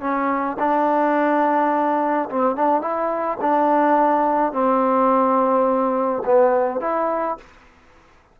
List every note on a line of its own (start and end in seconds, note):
0.00 0.57 C#4
0.59 2.28 D4
2.29 2.55 C4
2.55 2.81 D4
2.81 3.38 E4
3.40 4.52 D4
4.52 6.22 C4
6.25 6.80 B3
6.80 7.37 E4